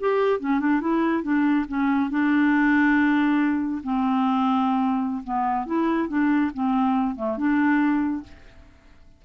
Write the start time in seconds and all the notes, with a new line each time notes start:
0.00 G4
0.40 C#4
0.60 D4
0.81 E4
1.23 D4
1.69 C#4
2.10 D4
3.84 C4
5.24 B3
5.67 E4
6.09 D4
6.54 C4
7.16 A3
7.38 D4